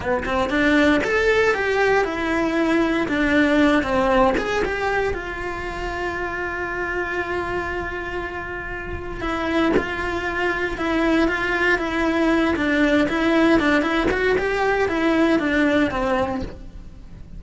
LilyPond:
\new Staff \with { instrumentName = "cello" } { \time 4/4 \tempo 4 = 117 b8 c'8 d'4 a'4 g'4 | e'2 d'4. c'8~ | c'8 gis'8 g'4 f'2~ | f'1~ |
f'2 e'4 f'4~ | f'4 e'4 f'4 e'4~ | e'8 d'4 e'4 d'8 e'8 fis'8 | g'4 e'4 d'4 c'4 | }